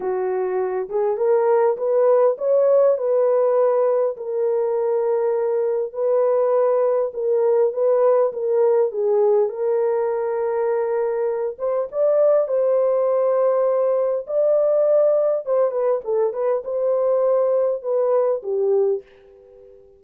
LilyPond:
\new Staff \with { instrumentName = "horn" } { \time 4/4 \tempo 4 = 101 fis'4. gis'8 ais'4 b'4 | cis''4 b'2 ais'4~ | ais'2 b'2 | ais'4 b'4 ais'4 gis'4 |
ais'2.~ ais'8 c''8 | d''4 c''2. | d''2 c''8 b'8 a'8 b'8 | c''2 b'4 g'4 | }